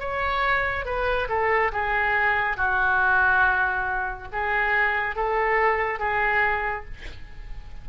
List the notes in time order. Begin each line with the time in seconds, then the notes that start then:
0.00 C#5
0.86 B4
1.29 A4
1.73 G#4
2.57 F#4
4.33 G#4
5.16 A4
6.00 G#4